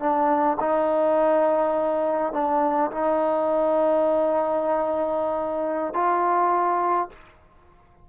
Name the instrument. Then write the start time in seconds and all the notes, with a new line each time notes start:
trombone
0.00 D4
0.60 D#4
2.33 D4
2.92 D#4
5.94 F4